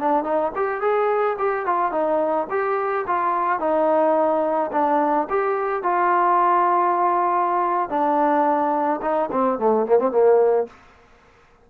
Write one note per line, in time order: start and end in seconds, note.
0.00 0.24 D4
0.24 0.52 D#4
0.56 0.82 G4
0.82 1.37 G#4
1.39 1.67 G4
1.67 1.92 F4
1.92 2.48 D#4
2.51 3.06 G4
3.08 3.60 F4
3.60 4.71 D#4
4.73 5.28 D4
5.30 5.83 G4
5.83 7.90 F4
7.90 9.01 D4
9.02 9.30 D#4
9.32 9.59 C4
9.59 9.87 A3
9.87 9.99 A#3
9.99 10.12 C4
10.12 10.67 A#3